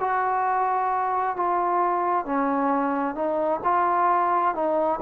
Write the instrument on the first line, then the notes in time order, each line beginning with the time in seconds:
trombone
0.00 F#4
1.36 F4
2.25 C#4
3.15 D#4
3.64 F4
4.55 D#4